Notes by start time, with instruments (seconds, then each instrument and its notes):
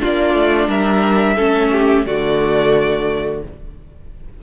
0.00 cello A#3, viola D4, violin F4 D5
0.34 cello A3
0.68 cello G3, violin A#4 E5
1.36 cello A3, viola C#4, violin A4
1.72 violin G4
2.06 cello D3, viola A3, violin F#4 D5